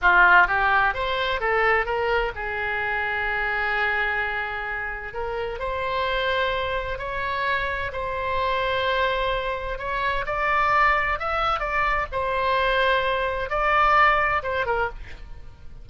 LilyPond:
\new Staff \with { instrumentName = "oboe" } { \time 4/4 \tempo 4 = 129 f'4 g'4 c''4 a'4 | ais'4 gis'2.~ | gis'2. ais'4 | c''2. cis''4~ |
cis''4 c''2.~ | c''4 cis''4 d''2 | e''4 d''4 c''2~ | c''4 d''2 c''8 ais'8 | }